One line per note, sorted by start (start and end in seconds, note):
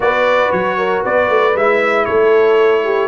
0.00 0.50 B3
0.00 1.53 F#4
0.00 0.77 B4
0.00 0.51 D5
0.51 1.04 F#3
0.51 1.03 C#5
0.77 1.02 A#4
1.02 1.28 B3
1.02 2.06 B4
1.02 1.56 D5
1.28 1.54 A3
1.55 2.07 G#3
1.55 3.08 E4
1.55 2.05 E5
2.05 3.08 A3
2.05 2.84 A4
2.05 3.08 C#5
2.84 3.08 G4